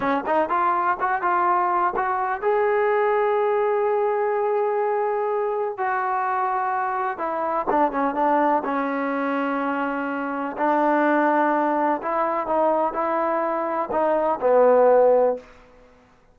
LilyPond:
\new Staff \with { instrumentName = "trombone" } { \time 4/4 \tempo 4 = 125 cis'8 dis'8 f'4 fis'8 f'4. | fis'4 gis'2.~ | gis'1 | fis'2. e'4 |
d'8 cis'8 d'4 cis'2~ | cis'2 d'2~ | d'4 e'4 dis'4 e'4~ | e'4 dis'4 b2 | }